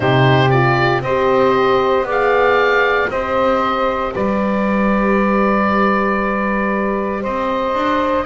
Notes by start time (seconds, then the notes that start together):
0.00 C3 D#4 G4 C5
0.50 F4 D5
1.01 C4 G4 C5 D#5
2.02 B3 G#4 D5
2.11 F5
3.10 C4 G4 C5 D#5
4.13 G3 B4 D5
7.21 C4 C5 D#5
7.73 D4